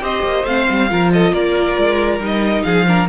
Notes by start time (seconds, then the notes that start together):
0.00 C4 G4 C5 D#5
0.23 A#3
0.43 A3 C4 F5
0.69 G3
0.88 F3 F4 A#4
1.12 A4 D#5
1.32 A#3 A#4 D5
1.78 G#3
2.19 G3 D#4
2.25 D#5
2.63 F3 G#4 F5
2.87 D4 A#4